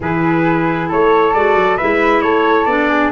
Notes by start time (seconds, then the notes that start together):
0.00 E3 E4 G#4 B4
0.88 A3 A4 C#5
1.33 G#3 F#4 D5
1.55 F#3
1.77 G#3 E4 B4 E5
2.21 A3 A4 C#5
2.65 B3 D4 D5
2.89 G#4